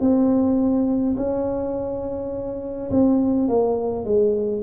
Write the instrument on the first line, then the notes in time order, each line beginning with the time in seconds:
tuba
0.00 C4
1.16 C#4
2.90 C4
3.48 A#3
4.04 G#3